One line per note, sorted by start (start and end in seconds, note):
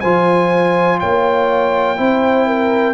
0.00 1.02 F3
0.00 1.97 F4
0.00 0.99 C5
0.00 0.98 G#5
1.00 1.99 A#3
1.00 1.98 C#5
1.00 2.94 G5
1.97 2.94 C4
1.97 2.94 E4
1.97 2.47 C5
2.47 2.94 A#4